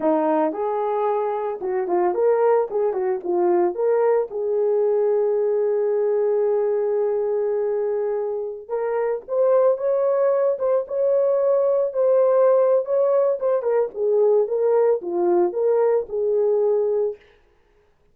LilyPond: \new Staff \with { instrumentName = "horn" } { \time 4/4 \tempo 4 = 112 dis'4 gis'2 fis'8 f'8 | ais'4 gis'8 fis'8 f'4 ais'4 | gis'1~ | gis'1~ |
gis'16 ais'4 c''4 cis''4. c''16~ | c''16 cis''2 c''4.~ c''16 | cis''4 c''8 ais'8 gis'4 ais'4 | f'4 ais'4 gis'2 | }